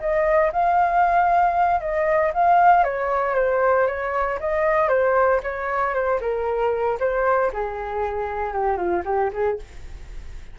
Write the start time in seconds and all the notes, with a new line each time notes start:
0.00 D#5
0.52 F5
1.81 D#5
2.34 F5
2.84 C#5
3.36 C5
3.87 C#5
4.40 D#5
4.89 C5
5.43 C#5
5.94 C5
6.21 A#4
7.00 C5
7.53 G#4
8.53 G4
8.77 F4
9.05 G4
9.33 G#4